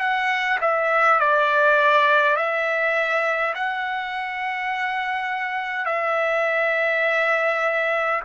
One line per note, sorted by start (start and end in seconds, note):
0.00 0.59 F#5
0.61 1.20 E5
1.20 2.36 D5
2.36 3.54 E5
3.55 5.86 F#5
5.86 8.21 E5